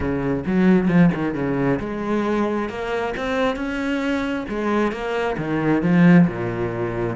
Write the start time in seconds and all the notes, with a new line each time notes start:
0.00 C#3
0.46 F#3
0.88 F3
1.14 D#3
1.34 C#3
1.79 G#3
2.69 A#3
3.16 C4
3.55 C#4
4.48 G#3
4.91 A#3
5.37 D#3
5.82 F3
6.27 A#2